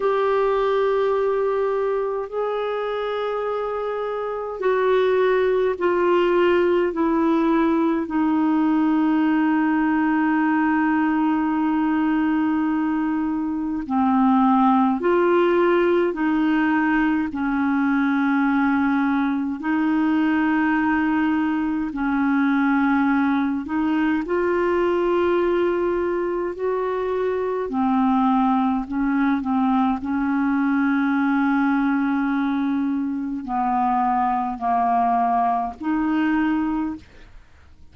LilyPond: \new Staff \with { instrumentName = "clarinet" } { \time 4/4 \tempo 4 = 52 g'2 gis'2 | fis'4 f'4 e'4 dis'4~ | dis'1 | c'4 f'4 dis'4 cis'4~ |
cis'4 dis'2 cis'4~ | cis'8 dis'8 f'2 fis'4 | c'4 cis'8 c'8 cis'2~ | cis'4 b4 ais4 dis'4 | }